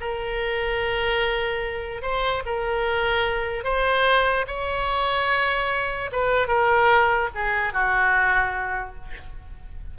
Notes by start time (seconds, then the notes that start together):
0.00 A#4
2.02 C5
2.45 A#4
3.64 C5
4.47 C#5
6.12 B4
6.47 A#4
7.34 G#4
7.73 F#4